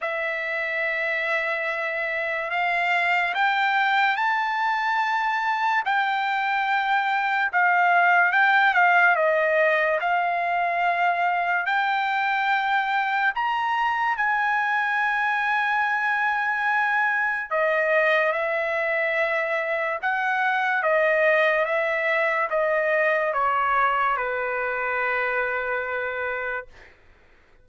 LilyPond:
\new Staff \with { instrumentName = "trumpet" } { \time 4/4 \tempo 4 = 72 e''2. f''4 | g''4 a''2 g''4~ | g''4 f''4 g''8 f''8 dis''4 | f''2 g''2 |
ais''4 gis''2.~ | gis''4 dis''4 e''2 | fis''4 dis''4 e''4 dis''4 | cis''4 b'2. | }